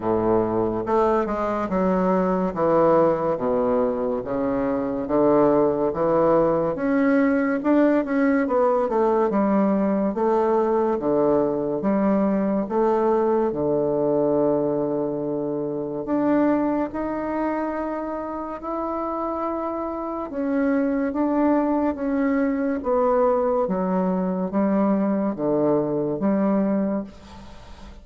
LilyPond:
\new Staff \with { instrumentName = "bassoon" } { \time 4/4 \tempo 4 = 71 a,4 a8 gis8 fis4 e4 | b,4 cis4 d4 e4 | cis'4 d'8 cis'8 b8 a8 g4 | a4 d4 g4 a4 |
d2. d'4 | dis'2 e'2 | cis'4 d'4 cis'4 b4 | fis4 g4 d4 g4 | }